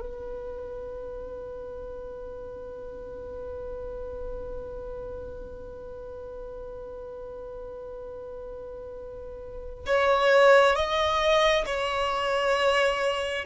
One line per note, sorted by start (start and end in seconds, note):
0.00 9.85 B4
9.86 10.75 C#5
10.75 11.65 D#5
11.65 13.45 C#5